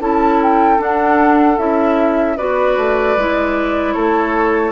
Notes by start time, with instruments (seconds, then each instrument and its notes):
0.00 bassoon C#4, clarinet E4, oboe A4, flute A5
0.42 flute G5
0.78 clarinet D4, bassoon D4, flute F#5
1.58 bassoon C#4, clarinet E4, flute E5
2.37 bassoon B3, clarinet F#4, oboe B4, flute D5
2.77 bassoon A3
3.17 bassoon G#3, clarinet E4
3.93 bassoon A3, oboe A4, flute C#5